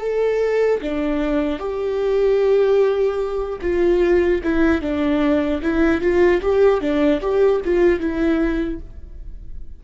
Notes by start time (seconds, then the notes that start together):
0.00 A4
0.81 D4
1.59 G4
3.61 F4
4.43 E4
4.81 D4
5.62 E4
6.01 F4
6.41 G4
6.80 D4
7.21 G4
7.64 F4
8.00 E4